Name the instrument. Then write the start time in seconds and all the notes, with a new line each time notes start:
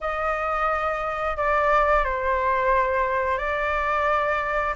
flute
0.00 D#5
1.36 D5
2.04 C5
3.37 D5